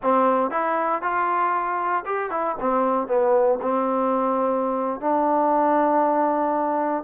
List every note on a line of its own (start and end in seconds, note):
0.02 0.51 C4
0.51 1.02 E4
1.02 2.04 F4
2.05 2.30 G4
2.30 2.56 E4
2.59 3.07 C4
3.07 3.59 B3
3.61 5.00 C4
5.00 7.03 D4